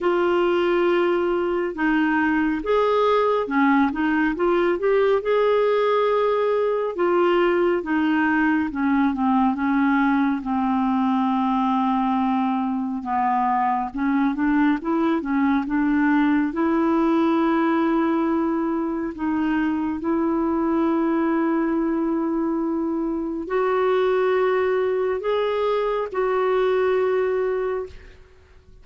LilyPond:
\new Staff \with { instrumentName = "clarinet" } { \time 4/4 \tempo 4 = 69 f'2 dis'4 gis'4 | cis'8 dis'8 f'8 g'8 gis'2 | f'4 dis'4 cis'8 c'8 cis'4 | c'2. b4 |
cis'8 d'8 e'8 cis'8 d'4 e'4~ | e'2 dis'4 e'4~ | e'2. fis'4~ | fis'4 gis'4 fis'2 | }